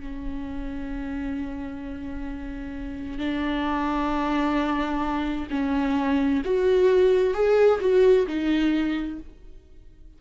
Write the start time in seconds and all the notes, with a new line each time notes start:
0.00 C#4
3.18 D4
5.50 C#4
6.45 F#4
7.34 G#4
7.80 F#4
8.27 D#4